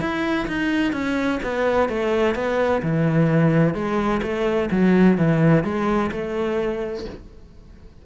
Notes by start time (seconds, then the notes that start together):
0.00 E4
0.47 D#4
0.92 C#4
1.43 B3
1.89 A3
2.35 B3
2.83 E3
3.74 G#3
4.22 A3
4.71 F#3
5.18 E3
5.64 G#3
6.11 A3